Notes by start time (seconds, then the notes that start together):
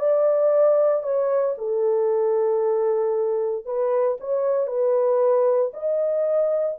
0.00 D5
1.03 C#5
1.58 A4
3.66 B4
4.21 C#5
4.68 B4
5.74 D#5